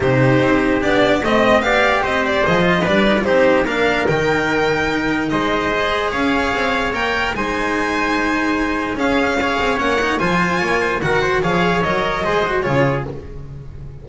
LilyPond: <<
  \new Staff \with { instrumentName = "violin" } { \time 4/4 \tempo 4 = 147 c''2 d''4 dis''4 | f''4 dis''8 d''8 dis''4 d''4 | c''4 f''4 g''2~ | g''4 dis''2 f''4~ |
f''4 g''4 gis''2~ | gis''2 f''2 | fis''4 gis''2 fis''4 | f''4 dis''2 cis''4 | }
  \new Staff \with { instrumentName = "trumpet" } { \time 4/4 g'2. dis''4 | d''4 c''2 b'4 | g'4 ais'2.~ | ais'4 c''2 cis''4~ |
cis''2 c''2~ | c''2 gis'4 cis''4~ | cis''4 c''4 cis''8 c''8 ais'8 c''8 | cis''2 c''4 gis'4 | }
  \new Staff \with { instrumentName = "cello" } { \time 4/4 dis'2 d'4 c'4 | g'2 gis'8 f'8 d'8 dis'16 f'16 | dis'4 d'4 dis'2~ | dis'2 gis'2~ |
gis'4 ais'4 dis'2~ | dis'2 cis'4 gis'4 | cis'8 dis'8 f'2 fis'4 | gis'4 ais'4 gis'8 fis'8 f'4 | }
  \new Staff \with { instrumentName = "double bass" } { \time 4/4 c4 c'4 b4 a4 | b4 c'4 f4 g4 | c'4 ais4 dis2~ | dis4 gis2 cis'4 |
c'4 ais4 gis2~ | gis2 cis'4. c'8 | ais4 f4 ais4 dis4 | f4 fis4 gis4 cis4 | }
>>